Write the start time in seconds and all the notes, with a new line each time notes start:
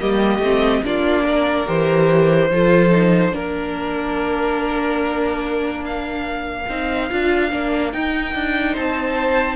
0.00 G3 A#3 G4 D#5
0.39 A3 C4
0.84 A#3 D4 F4 D5
1.24 A#4
1.67 E3 G4 C5
2.51 F3 F4 A4
2.91 D#4
3.32 A#3 D4 A#4
5.86 F5
6.69 C4 D#4
7.11 D4 F4
7.51 A#3 D4
7.93 D#4 G5
8.35 D4
8.73 C4 C5 A5